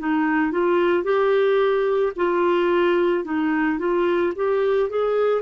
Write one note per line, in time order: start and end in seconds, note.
0.00 0.52 D#4
0.52 1.04 F4
1.04 2.13 G4
2.16 3.25 F4
3.25 3.79 D#4
3.79 4.34 F4
4.36 4.90 G4
4.90 5.42 G#4